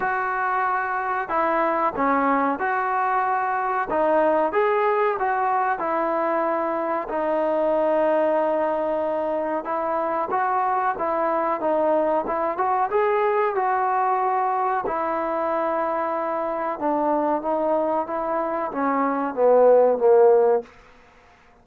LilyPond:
\new Staff \with { instrumentName = "trombone" } { \time 4/4 \tempo 4 = 93 fis'2 e'4 cis'4 | fis'2 dis'4 gis'4 | fis'4 e'2 dis'4~ | dis'2. e'4 |
fis'4 e'4 dis'4 e'8 fis'8 | gis'4 fis'2 e'4~ | e'2 d'4 dis'4 | e'4 cis'4 b4 ais4 | }